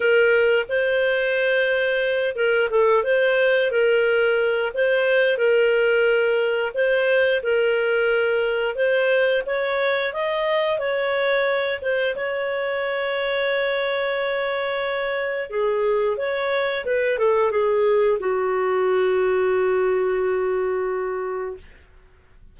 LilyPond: \new Staff \with { instrumentName = "clarinet" } { \time 4/4 \tempo 4 = 89 ais'4 c''2~ c''8 ais'8 | a'8 c''4 ais'4. c''4 | ais'2 c''4 ais'4~ | ais'4 c''4 cis''4 dis''4 |
cis''4. c''8 cis''2~ | cis''2. gis'4 | cis''4 b'8 a'8 gis'4 fis'4~ | fis'1 | }